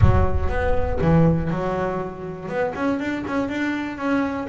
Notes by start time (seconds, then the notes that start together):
0.01 F#3
0.49 B3
1.01 E3
1.50 F#3
2.48 B3
2.75 C#4
2.99 D4
3.27 C#4
3.48 D4
3.97 C#4